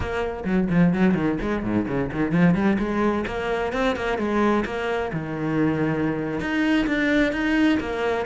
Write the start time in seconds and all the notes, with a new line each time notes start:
0.00 A#3
0.44 F#3
0.70 F3
0.93 F#3
1.14 D#3
1.41 G#3
1.63 G#2
1.87 C#3
2.12 D#3
2.31 F3
2.54 G3
2.78 G#3
3.26 A#3
3.72 C4
3.96 A#3
4.18 G#3
4.65 A#3
5.13 D#3
6.40 D#4
6.86 D4
7.32 D#4
7.80 A#3